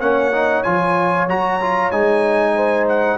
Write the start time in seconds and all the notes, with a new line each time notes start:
0.00 A#3 C#4 C#5 F#5
0.33 D#4
0.63 F3 F4 G#5
1.28 F#3 F#4 A#5
1.61 F4
1.91 G#3 D#4 G#5
2.55 C5
2.88 F#5